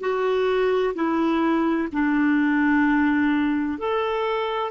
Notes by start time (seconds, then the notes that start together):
0.00 F#4
0.95 E4
1.92 D4
3.78 A4